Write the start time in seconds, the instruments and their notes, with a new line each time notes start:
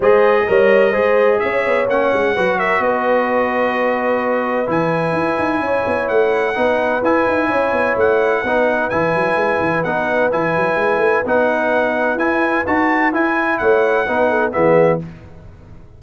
0.00 tuba G#3, trombone G#4, horn C5, trumpet D#5
0.47 tuba G3, trombone A#4, horn C#5
0.91 tuba G#3, trombone G#4, horn C5
1.39 tuba C#4, horn C#5, trumpet E5
1.66 tuba B3
1.88 tuba A#3, trombone C#4, trumpet F#5
2.12 tuba G#3
2.34 tuba F#3, trombone F#4, horn B4
2.58 horn A#4, trumpet E5
2.79 tuba B3, horn B4, trumpet D#5
4.66 tuba E3, trombone E4, trumpet G#5
5.12 tuba E4
5.38 tuba D#4
5.60 tuba C#4, horn C#5
5.86 tuba B3
6.08 tuba A3, trumpet F#5
6.54 tuba B3, trombone D#4, horn B4
7.01 tuba E4, trombone E4, trumpet G#5
7.26 tuba D#4
7.48 tuba C#4, horn C#5
7.72 tuba B3
7.96 tuba A3, trumpet F#5
8.42 tuba B3, trombone D#4, horn B4
8.89 tuba E3, trombone E4, trumpet G#5
9.14 tuba F#3
9.35 tuba G#3
9.60 tuba E3
9.83 tuba B3, trombone D#4, trumpet F#5
10.31 tuba E3, trombone E4, trumpet G#5
10.55 tuba F#3
10.75 tuba G#3
10.97 tuba A3
11.25 tuba B3, trombone D#4, trumpet F#5
12.15 tuba E4, trombone E4, trumpet G#5
12.66 tuba D#4, trombone F#4, trumpet A5
13.12 trombone E4, tuba E4, trumpet G#5
13.58 tuba A3, horn C#5, trumpet F#5
14.06 tuba B3, trombone D#4, horn B4
14.29 horn A4
14.52 tuba E3, trombone B3, horn G#4, trumpet E5